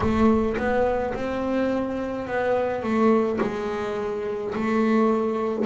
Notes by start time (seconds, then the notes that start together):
0.00 A3
0.57 B3
1.13 C4
2.27 B3
2.83 A3
3.40 G#3
4.54 A3